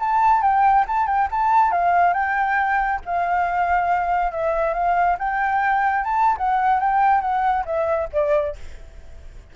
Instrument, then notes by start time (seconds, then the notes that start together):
flute
0.00 A5
0.42 G5
0.88 A5
1.07 G5
1.31 A5
1.72 F5
2.14 G5
3.05 F5
4.32 E5
4.74 F5
5.19 G5
6.04 A5
6.37 F#5
6.80 G5
7.21 F#5
7.65 E5
8.13 D5